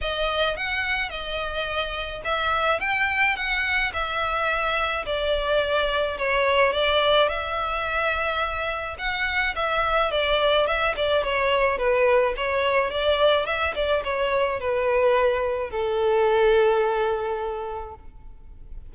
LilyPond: \new Staff \with { instrumentName = "violin" } { \time 4/4 \tempo 4 = 107 dis''4 fis''4 dis''2 | e''4 g''4 fis''4 e''4~ | e''4 d''2 cis''4 | d''4 e''2. |
fis''4 e''4 d''4 e''8 d''8 | cis''4 b'4 cis''4 d''4 | e''8 d''8 cis''4 b'2 | a'1 | }